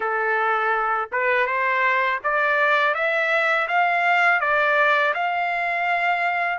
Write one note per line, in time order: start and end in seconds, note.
0.00 1.09 A4
1.11 1.46 B4
1.46 2.19 C5
2.23 2.94 D5
2.94 3.67 E5
3.68 4.40 F5
4.40 5.13 D5
5.14 6.58 F5